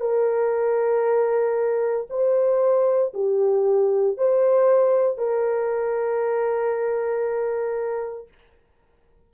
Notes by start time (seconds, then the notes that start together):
0.00 A#4
2.10 C5
3.14 G4
4.18 C5
5.18 A#4